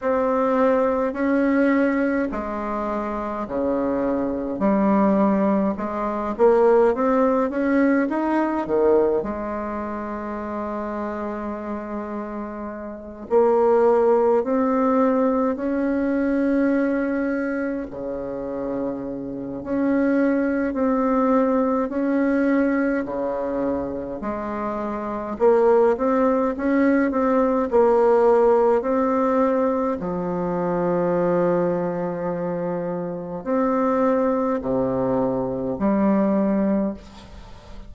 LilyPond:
\new Staff \with { instrumentName = "bassoon" } { \time 4/4 \tempo 4 = 52 c'4 cis'4 gis4 cis4 | g4 gis8 ais8 c'8 cis'8 dis'8 dis8 | gis2.~ gis8 ais8~ | ais8 c'4 cis'2 cis8~ |
cis4 cis'4 c'4 cis'4 | cis4 gis4 ais8 c'8 cis'8 c'8 | ais4 c'4 f2~ | f4 c'4 c4 g4 | }